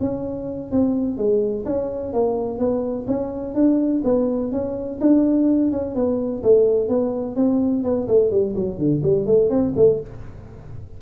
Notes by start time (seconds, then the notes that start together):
0.00 C#4
0.71 C4
1.17 G#3
1.65 C#4
2.13 A#3
2.58 B3
3.07 C#4
3.54 D4
4.04 B3
4.52 C#4
5.00 D4
5.71 C#4
5.95 B3
6.43 A3
6.88 B3
7.35 C4
7.83 B3
8.08 A3
8.31 G3
8.55 F#3
8.78 D3
9.03 G3
9.26 A3
9.50 C4
9.76 A3